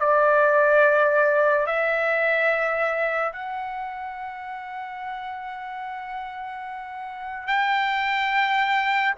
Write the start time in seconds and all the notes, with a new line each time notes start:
0.00 D5
1.66 E5
3.33 F#5
7.47 G5